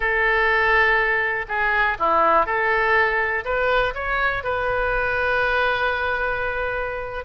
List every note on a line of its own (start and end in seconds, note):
0.00 1.45 A4
1.48 1.97 G#4
1.99 2.46 E4
2.46 3.44 A4
3.44 3.94 B4
3.94 4.43 C#5
4.43 7.25 B4